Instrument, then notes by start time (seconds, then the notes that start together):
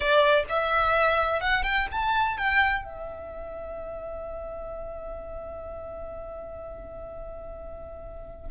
violin
0.00 D5
0.49 E5
1.40 F#5
1.63 G5
1.91 A5
2.37 G5
2.84 E5